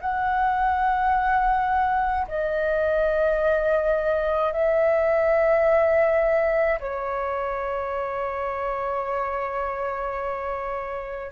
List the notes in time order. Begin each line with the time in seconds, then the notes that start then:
0.00 F#5
2.27 D#5
4.52 E5
6.79 C#5